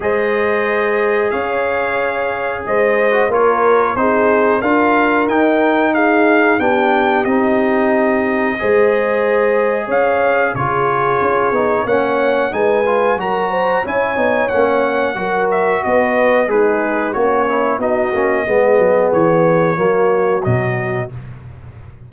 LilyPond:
<<
  \new Staff \with { instrumentName = "trumpet" } { \time 4/4 \tempo 4 = 91 dis''2 f''2 | dis''4 cis''4 c''4 f''4 | g''4 f''4 g''4 dis''4~ | dis''2. f''4 |
cis''2 fis''4 gis''4 | ais''4 gis''4 fis''4. e''8 | dis''4 b'4 cis''4 dis''4~ | dis''4 cis''2 dis''4 | }
  \new Staff \with { instrumentName = "horn" } { \time 4/4 c''2 cis''2 | c''4 ais'4 gis'4 ais'4~ | ais'4 gis'4 g'2~ | g'4 c''2 cis''4 |
gis'2 cis''4 b'4 | ais'8 c''8 cis''2 ais'4 | b'4 dis'4 cis'4 fis'4 | gis'2 fis'2 | }
  \new Staff \with { instrumentName = "trombone" } { \time 4/4 gis'1~ | gis'8. fis'16 f'4 dis'4 f'4 | dis'2 d'4 dis'4~ | dis'4 gis'2. |
f'4. dis'8 cis'4 dis'8 f'8 | fis'4 e'8 dis'8 cis'4 fis'4~ | fis'4 gis'4 fis'8 e'8 dis'8 cis'8 | b2 ais4 fis4 | }
  \new Staff \with { instrumentName = "tuba" } { \time 4/4 gis2 cis'2 | gis4 ais4 c'4 d'4 | dis'2 b4 c'4~ | c'4 gis2 cis'4 |
cis4 cis'8 b8 ais4 gis4 | fis4 cis'8 b8 ais4 fis4 | b4 gis4 ais4 b8 ais8 | gis8 fis8 e4 fis4 b,4 | }
>>